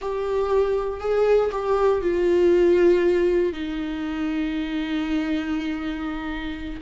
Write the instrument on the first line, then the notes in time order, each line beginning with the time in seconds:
viola
0.01 G4
1.00 G#4
1.51 G4
2.01 F4
3.52 D#4